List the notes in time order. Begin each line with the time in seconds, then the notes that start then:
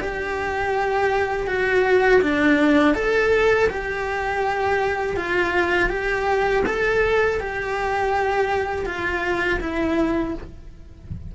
0.00 G4
1.47 F#4
2.22 D4
2.94 A4
3.69 G4
5.16 F4
5.89 G4
6.66 A4
7.40 G4
8.85 F4
9.60 E4